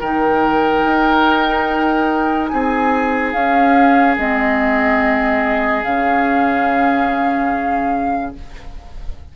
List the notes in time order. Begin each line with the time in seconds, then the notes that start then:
0.00 D#3 D#4 A#4 G5
0.84 D#4
2.47 C4 G#4 G#5
3.33 C#4 F5
4.17 G#3 C4 D#5
5.83 C#3 C#4 F5